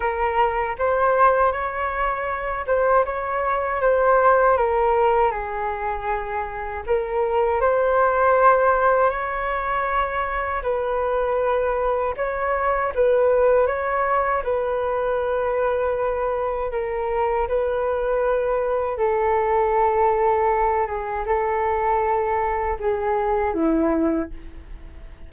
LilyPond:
\new Staff \with { instrumentName = "flute" } { \time 4/4 \tempo 4 = 79 ais'4 c''4 cis''4. c''8 | cis''4 c''4 ais'4 gis'4~ | gis'4 ais'4 c''2 | cis''2 b'2 |
cis''4 b'4 cis''4 b'4~ | b'2 ais'4 b'4~ | b'4 a'2~ a'8 gis'8 | a'2 gis'4 e'4 | }